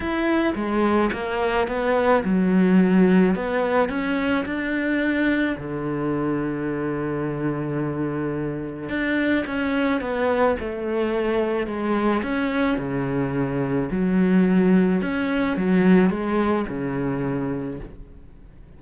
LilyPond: \new Staff \with { instrumentName = "cello" } { \time 4/4 \tempo 4 = 108 e'4 gis4 ais4 b4 | fis2 b4 cis'4 | d'2 d2~ | d1 |
d'4 cis'4 b4 a4~ | a4 gis4 cis'4 cis4~ | cis4 fis2 cis'4 | fis4 gis4 cis2 | }